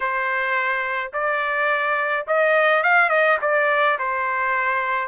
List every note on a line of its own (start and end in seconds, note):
0.00 1.11 C5
1.13 2.26 D5
2.27 2.83 D#5
2.83 3.09 F5
3.09 3.37 D#5
3.41 3.98 D5
3.98 5.08 C5